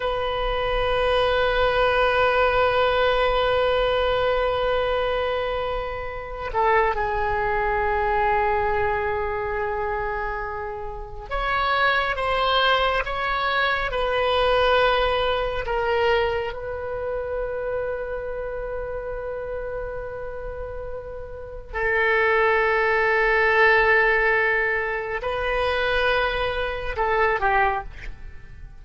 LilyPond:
\new Staff \with { instrumentName = "oboe" } { \time 4/4 \tempo 4 = 69 b'1~ | b'2.~ b'8 a'8 | gis'1~ | gis'4 cis''4 c''4 cis''4 |
b'2 ais'4 b'4~ | b'1~ | b'4 a'2.~ | a'4 b'2 a'8 g'8 | }